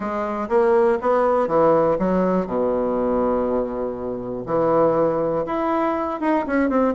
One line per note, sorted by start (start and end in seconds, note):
0.00 0.48 G#3
0.48 0.98 A#3
1.01 1.47 B3
1.47 1.97 E3
1.98 2.46 F#3
2.46 4.44 B2
4.46 5.45 E3
5.45 6.20 E4
6.20 6.45 D#4
6.46 6.69 C#4
6.69 6.94 C4